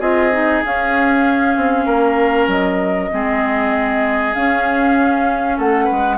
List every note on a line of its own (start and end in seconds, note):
0.00 0.62 C4
0.00 0.32 F4
0.00 1.86 G#4
0.00 0.63 D#5
0.32 0.63 D#4
0.65 1.57 C#4
0.65 3.11 C#4
0.65 2.50 F5
1.57 1.86 C4
1.86 2.47 A#3
1.86 3.10 A#4
2.47 3.09 F#3
2.47 4.34 D#5
3.11 4.35 G#3
3.11 4.35 C4
3.11 5.57 G#4
4.34 5.59 C#4
4.34 6.18 C#4
4.34 5.58 F5
5.57 5.90 A3
5.57 5.85 A4
5.57 6.18 F#5
5.85 6.15 B4
5.91 6.18 G#3